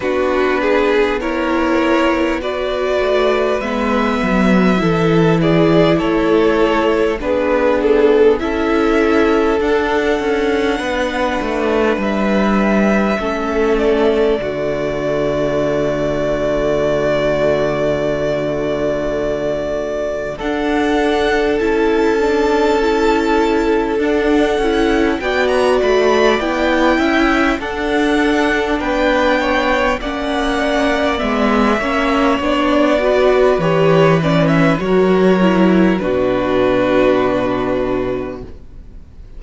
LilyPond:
<<
  \new Staff \with { instrumentName = "violin" } { \time 4/4 \tempo 4 = 50 b'4 cis''4 d''4 e''4~ | e''8 d''8 cis''4 b'8 a'8 e''4 | fis''2 e''4. d''8~ | d''1~ |
d''4 fis''4 a''2 | fis''4 g''16 ais''16 b''8 g''4 fis''4 | g''4 fis''4 e''4 d''4 | cis''8 d''16 e''16 cis''4 b'2 | }
  \new Staff \with { instrumentName = "violin" } { \time 4/4 fis'8 gis'8 ais'4 b'2 | a'8 gis'8 a'4 gis'4 a'4~ | a'4 b'2 a'4 | fis'1~ |
fis'4 a'2.~ | a'4 d''4. e''8 a'4 | b'8 cis''8 d''4. cis''4 b'8~ | b'4 ais'4 fis'2 | }
  \new Staff \with { instrumentName = "viola" } { \time 4/4 d'4 e'4 fis'4 b4 | e'2 d'4 e'4 | d'2. cis'4 | a1~ |
a4 d'4 e'8 d'8 e'4 | d'8 e'8 fis'4 e'4 d'4~ | d'4 cis'4 b8 cis'8 d'8 fis'8 | g'8 cis'8 fis'8 e'8 d'2 | }
  \new Staff \with { instrumentName = "cello" } { \time 4/4 b2~ b8 a8 gis8 fis8 | e4 a4 b4 cis'4 | d'8 cis'8 b8 a8 g4 a4 | d1~ |
d4 d'4 cis'2 | d'8 cis'8 b8 a8 b8 cis'8 d'4 | b4 ais4 gis8 ais8 b4 | e4 fis4 b,2 | }
>>